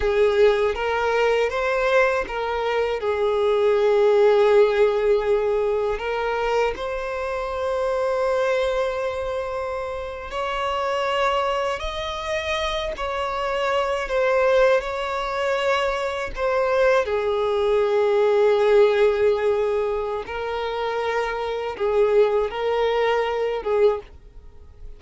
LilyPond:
\new Staff \with { instrumentName = "violin" } { \time 4/4 \tempo 4 = 80 gis'4 ais'4 c''4 ais'4 | gis'1 | ais'4 c''2.~ | c''4.~ c''16 cis''2 dis''16~ |
dis''4~ dis''16 cis''4. c''4 cis''16~ | cis''4.~ cis''16 c''4 gis'4~ gis'16~ | gis'2. ais'4~ | ais'4 gis'4 ais'4. gis'8 | }